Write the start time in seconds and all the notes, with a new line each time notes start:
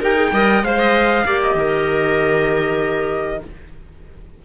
0.00 D#4 G4 A#4 G5
0.15 G#4
0.32 G3 A#4 D#5
0.62 G#3 C5 F5
0.78 D#5
1.25 A#3 G4 D5
1.42 D#5
1.54 D#3 A#4